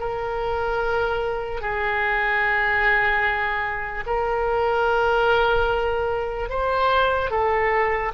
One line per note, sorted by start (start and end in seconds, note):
0.00 1.61 A#4
1.61 4.04 G#4
4.06 6.49 A#4
6.49 7.30 C5
7.31 8.12 A4